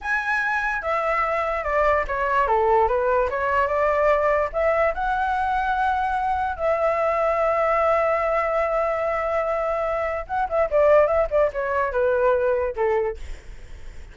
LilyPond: \new Staff \with { instrumentName = "flute" } { \time 4/4 \tempo 4 = 146 gis''2 e''2 | d''4 cis''4 a'4 b'4 | cis''4 d''2 e''4 | fis''1 |
e''1~ | e''1~ | e''4 fis''8 e''8 d''4 e''8 d''8 | cis''4 b'2 a'4 | }